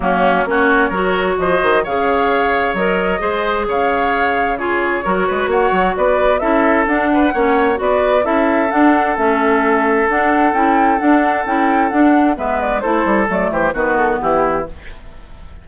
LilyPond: <<
  \new Staff \with { instrumentName = "flute" } { \time 4/4 \tempo 4 = 131 fis'4 cis''2 dis''4 | f''2 dis''2 | f''2 cis''2 | fis''4 d''4 e''4 fis''4~ |
fis''4 d''4 e''4 fis''4 | e''2 fis''4 g''4 | fis''4 g''4 fis''4 e''8 d''8 | c''4 d''8 c''8 b'8 a'8 g'4 | }
  \new Staff \with { instrumentName = "oboe" } { \time 4/4 cis'4 fis'4 ais'4 c''4 | cis''2. c''4 | cis''2 gis'4 ais'8 b'8 | cis''4 b'4 a'4. b'8 |
cis''4 b'4 a'2~ | a'1~ | a'2. b'4 | a'4. g'8 fis'4 e'4 | }
  \new Staff \with { instrumentName = "clarinet" } { \time 4/4 ais4 cis'4 fis'2 | gis'2 ais'4 gis'4~ | gis'2 f'4 fis'4~ | fis'2 e'4 d'4 |
cis'4 fis'4 e'4 d'4 | cis'2 d'4 e'4 | d'4 e'4 d'4 b4 | e'4 a4 b2 | }
  \new Staff \with { instrumentName = "bassoon" } { \time 4/4 fis4 ais4 fis4 f8 dis8 | cis2 fis4 gis4 | cis2. fis8 gis8 | ais8 fis8 b4 cis'4 d'4 |
ais4 b4 cis'4 d'4 | a2 d'4 cis'4 | d'4 cis'4 d'4 gis4 | a8 g8 fis8 e8 dis4 e4 | }
>>